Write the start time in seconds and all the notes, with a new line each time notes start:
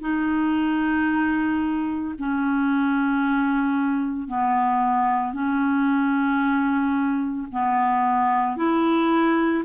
0.00 D#4
2.18 C#4
4.28 B3
5.33 C#4
7.51 B3
8.56 E4